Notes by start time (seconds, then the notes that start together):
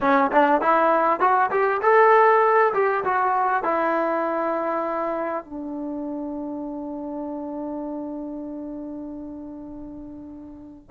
0.00 C#4
0.31 D4
0.61 E4
1.20 F#4
1.50 G4
1.82 A4
2.73 G4
3.04 F#4
3.63 E4
5.44 D4